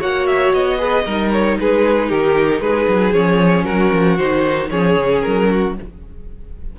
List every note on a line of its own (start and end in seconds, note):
0.00 0.54 A#3
0.00 0.79 F#4
0.00 0.78 C#5
0.00 0.27 F#5
0.27 0.53 E5
0.53 1.06 B3
0.53 1.32 D#5
0.79 1.05 G#4
0.79 1.05 B4
1.06 1.59 G3
1.06 3.13 D#4
1.06 1.58 A#4
1.32 1.58 C#5
1.60 2.11 G#3
1.60 2.09 G#4
1.60 2.11 B4
2.09 2.61 D#3
2.09 2.61 G4
2.09 2.61 A#4
2.61 2.87 G#3
2.61 3.65 G#4
2.61 3.13 B4
2.88 3.13 F#3
3.13 3.66 F3
3.13 4.18 C#4
3.13 3.65 C#5
3.65 3.92 F#3
3.65 4.69 F#4
3.65 4.17 A#4
3.93 4.19 F3
4.17 4.71 D#3
4.17 4.72 D#4
4.17 4.69 C5
4.70 4.97 F3
4.70 5.76 C#4
4.70 5.49 G#4
4.70 5.22 C#5
4.97 5.23 C#3
5.22 5.79 F#3
5.22 5.74 A#4
5.50 5.76 F#4